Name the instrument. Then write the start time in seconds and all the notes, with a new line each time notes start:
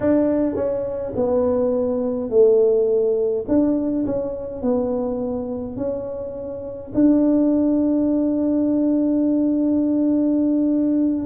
tuba
0.00 D4
0.55 C#4
1.15 B3
2.30 A3
3.48 D4
4.05 C#4
4.62 B3
5.76 C#4
6.94 D4